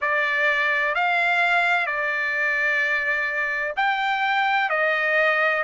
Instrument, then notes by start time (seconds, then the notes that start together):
trumpet
0.01 D5
0.94 F5
1.86 D5
3.76 G5
4.69 D#5